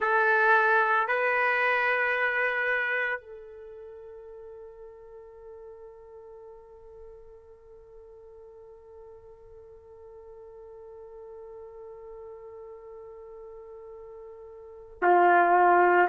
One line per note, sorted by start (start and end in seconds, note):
0.00 1.07 A4
1.07 3.20 B4
3.20 14.99 A4
15.01 16.08 F4